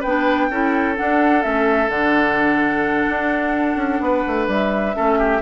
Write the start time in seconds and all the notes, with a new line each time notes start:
0.00 B3 B4 G5
0.06 D4
0.50 C#4 E4 A4
0.96 D4 F#5
1.41 A3 C#4 E5
1.88 D3 D4 F#5
3.09 D4
3.76 C#4
4.01 B3 B4
4.27 A3
4.48 G3 E5
4.95 A3 C#4 A4
5.18 G4